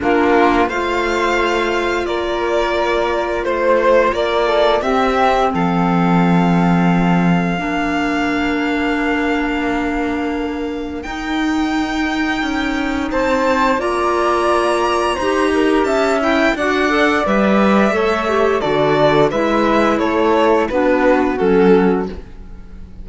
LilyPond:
<<
  \new Staff \with { instrumentName = "violin" } { \time 4/4 \tempo 4 = 87 ais'4 f''2 d''4~ | d''4 c''4 d''4 e''4 | f''1~ | f''1 |
g''2. a''4 | ais''2. a''8 g''8 | fis''4 e''2 d''4 | e''4 cis''4 b'4 a'4 | }
  \new Staff \with { instrumentName = "flute" } { \time 4/4 f'4 c''2 ais'4~ | ais'4 c''4 ais'8 a'8 g'4 | a'2. ais'4~ | ais'1~ |
ais'2. c''4 | d''2 c''8 ais'8 e''4 | d''2 cis''4 a'4 | b'4 a'4 fis'2 | }
  \new Staff \with { instrumentName = "clarinet" } { \time 4/4 d'4 f'2.~ | f'2. c'4~ | c'2. d'4~ | d'1 |
dis'1 | f'2 g'4. e'8 | fis'8 a'8 b'4 a'8 g'8 fis'4 | e'2 d'4 cis'4 | }
  \new Staff \with { instrumentName = "cello" } { \time 4/4 ais4 a2 ais4~ | ais4 a4 ais4 c'4 | f2. ais4~ | ais1 |
dis'2 cis'4 c'4 | ais2 dis'4 cis'4 | d'4 g4 a4 d4 | gis4 a4 b4 fis4 | }
>>